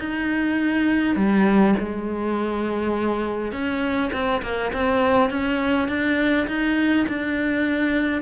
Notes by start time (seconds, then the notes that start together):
0.00 D#4
1.17 G3
1.80 G#3
3.53 C#4
4.13 C4
4.43 A#3
4.74 C4
5.30 C#4
5.89 D4
6.48 D#4
7.09 D4